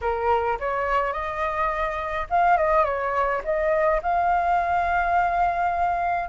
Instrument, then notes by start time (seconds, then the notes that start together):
flute
0.01 A#4
0.59 C#5
1.12 D#5
2.30 F5
2.57 D#5
2.84 C#5
3.44 D#5
4.02 F5